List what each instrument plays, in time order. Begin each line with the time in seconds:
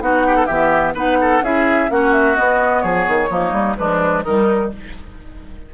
0.00 bassoon B3, clarinet D#4, oboe F#4, flute F#5
0.26 oboe G4
0.35 oboe A4
0.46 bassoon E3, clarinet B3, oboe G4, flute E5
0.94 bassoon B3, clarinet D#4, oboe B4, flute F#5
1.21 oboe A4
1.41 bassoon C#4, clarinet E4, oboe G#4, flute E5
1.89 bassoon A#3, clarinet C#4, oboe F#4, flute F#5
2.12 flute E5
2.35 clarinet B3, bassoon B3, flute D#5
2.81 bassoon F3, oboe G#4, flute C#5
3.08 bassoon D#3
3.29 bassoon F3, clarinet A#3, oboe D#4
3.52 bassoon G3
3.76 clarinet F3, bassoon G#3, oboe D4, flute B4
4.23 bassoon D#3, clarinet G3, oboe D#4, flute A#4